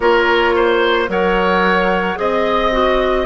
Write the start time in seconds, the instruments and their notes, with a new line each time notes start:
0.00 bassoon A#3, clarinet F4, oboe A#4, flute C#5
0.55 oboe C5
1.08 bassoon F#3, clarinet A#4, oboe C#5, flute F#5
2.15 bassoon C4, clarinet G#4, flute D#5, oboe D#5
2.71 clarinet F#4